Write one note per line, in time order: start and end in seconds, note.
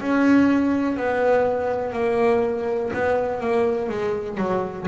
0.00 0.97 C#4
0.97 1.92 B3
1.92 2.91 A#3
2.93 3.40 B3
3.40 3.89 A#3
3.89 4.37 G#3
4.37 4.86 F#3